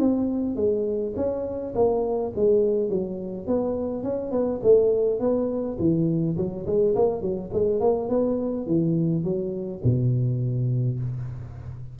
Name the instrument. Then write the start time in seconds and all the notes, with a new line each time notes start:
tuba
0.00 C4
0.56 G#3
1.17 C#4
1.75 A#3
2.36 G#3
2.90 F#3
3.47 B3
4.04 C#4
4.32 B3
4.63 A3
5.20 B3
5.80 E3
6.37 F#3
6.67 G#3
6.96 A#3
7.22 F#3
7.53 G#3
7.80 A#3
8.10 B3
8.67 E3
9.24 F#3
9.84 B2